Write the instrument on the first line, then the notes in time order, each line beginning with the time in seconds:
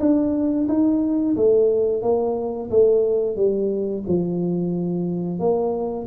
tuba
0.00 D4
0.68 D#4
1.37 A3
2.03 A#3
2.70 A3
3.36 G3
4.08 F3
5.40 A#3